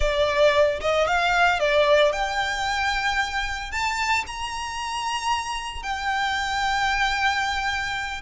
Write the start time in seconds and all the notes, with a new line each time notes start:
0.00 D5
0.80 D#5
1.07 F5
1.59 D5
2.12 G5
3.71 A5
4.26 A#5
5.82 G5